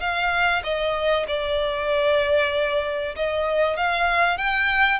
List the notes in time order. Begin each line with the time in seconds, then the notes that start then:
0.00 F5
0.64 D#5
1.28 D5
3.16 D#5
3.77 F5
4.38 G5